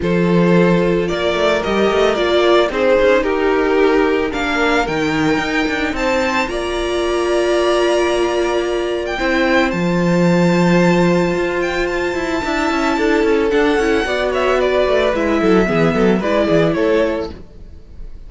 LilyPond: <<
  \new Staff \with { instrumentName = "violin" } { \time 4/4 \tempo 4 = 111 c''2 d''4 dis''4 | d''4 c''4 ais'2 | f''4 g''2 a''4 | ais''1~ |
ais''8. g''4~ g''16 a''2~ | a''4. g''8 a''2~ | a''4 fis''4. e''8 d''4 | e''2 d''4 cis''4 | }
  \new Staff \with { instrumentName = "violin" } { \time 4/4 a'2 ais'2~ | ais'4 gis'4 g'2 | ais'2. c''4 | d''1~ |
d''4 c''2.~ | c''2. e''4 | a'2 d''8 cis''8 b'4~ | b'8 a'8 gis'8 a'8 b'8 gis'8 a'4 | }
  \new Staff \with { instrumentName = "viola" } { \time 4/4 f'2. g'4 | f'4 dis'2. | d'4 dis'2. | f'1~ |
f'4 e'4 f'2~ | f'2. e'4~ | e'4 d'8 e'8 fis'2 | e'4 b4 e'2 | }
  \new Staff \with { instrumentName = "cello" } { \time 4/4 f2 ais8 a8 g8 a8 | ais4 c'8 cis'8 dis'2 | ais4 dis4 dis'8 d'8 c'4 | ais1~ |
ais4 c'4 f2~ | f4 f'4. e'8 d'8 cis'8 | d'8 cis'8 d'8 cis'8 b4. a8 | gis8 fis8 e8 fis8 gis8 e8 a4 | }
>>